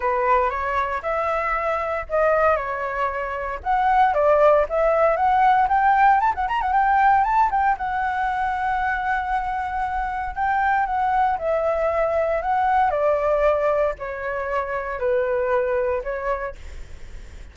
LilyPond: \new Staff \with { instrumentName = "flute" } { \time 4/4 \tempo 4 = 116 b'4 cis''4 e''2 | dis''4 cis''2 fis''4 | d''4 e''4 fis''4 g''4 | a''16 fis''16 ais''16 fis''16 g''4 a''8 g''8 fis''4~ |
fis''1 | g''4 fis''4 e''2 | fis''4 d''2 cis''4~ | cis''4 b'2 cis''4 | }